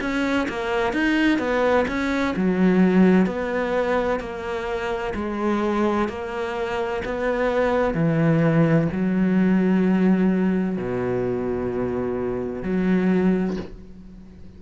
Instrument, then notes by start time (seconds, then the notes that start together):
cello
0.00 C#4
0.48 A#3
0.93 D#4
1.38 B3
1.87 C#4
2.36 F#3
3.26 B3
4.19 A#3
5.14 G#3
6.08 A#3
7.05 B3
7.94 E3
8.91 F#3
10.77 B2
12.62 F#3